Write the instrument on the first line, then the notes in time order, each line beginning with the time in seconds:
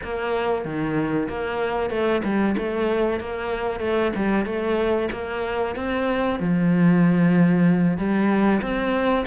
cello
0.03 A#3
0.64 D#3
1.29 A#3
1.90 A3
2.23 G3
2.57 A3
3.19 A#3
3.79 A3
4.15 G3
4.45 A3
5.11 A#3
5.75 C4
6.39 F3
7.97 G3
8.61 C4